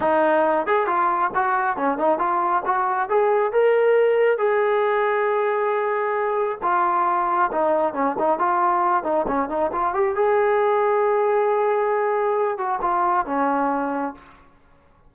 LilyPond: \new Staff \with { instrumentName = "trombone" } { \time 4/4 \tempo 4 = 136 dis'4. gis'8 f'4 fis'4 | cis'8 dis'8 f'4 fis'4 gis'4 | ais'2 gis'2~ | gis'2. f'4~ |
f'4 dis'4 cis'8 dis'8 f'4~ | f'8 dis'8 cis'8 dis'8 f'8 g'8 gis'4~ | gis'1~ | gis'8 fis'8 f'4 cis'2 | }